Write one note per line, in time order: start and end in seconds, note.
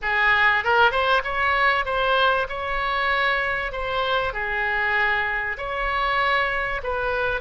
0.02 0.64 G#4
0.64 0.91 A#4
0.91 1.22 C5
1.24 1.85 C#5
1.85 2.47 C5
2.48 3.72 C#5
3.72 4.33 C5
4.33 5.56 G#4
5.57 6.81 C#5
6.83 7.41 B4